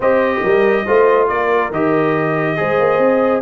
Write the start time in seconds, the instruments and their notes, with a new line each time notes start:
0.00 tuba C4, trombone G4, horn C5, trumpet D#5
0.42 tuba G3, horn A#4
0.86 tuba A3, trombone F4, horn C5
1.27 tuba A#3, horn A#4, trumpet D5
1.71 tuba D#3, trombone G4, trumpet D#5
2.56 tuba G#3, trombone G#4, horn C5
2.79 tuba A#3
2.98 tuba C4